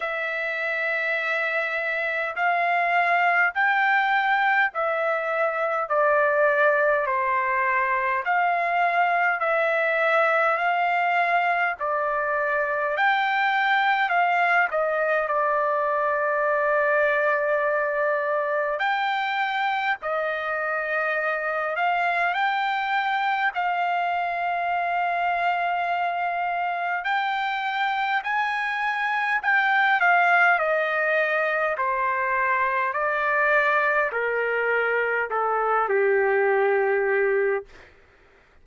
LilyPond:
\new Staff \with { instrumentName = "trumpet" } { \time 4/4 \tempo 4 = 51 e''2 f''4 g''4 | e''4 d''4 c''4 f''4 | e''4 f''4 d''4 g''4 | f''8 dis''8 d''2. |
g''4 dis''4. f''8 g''4 | f''2. g''4 | gis''4 g''8 f''8 dis''4 c''4 | d''4 ais'4 a'8 g'4. | }